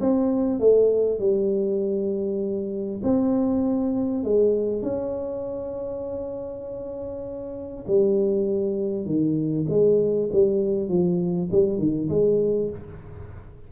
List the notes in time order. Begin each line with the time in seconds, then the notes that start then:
0.00 C4
0.59 A3
1.19 G3
3.03 C4
4.23 G#3
4.82 C#4
7.87 G3
9.05 D#3
9.69 G#3
10.32 G3
10.88 F3
11.51 G3
11.78 D#3
12.09 G#3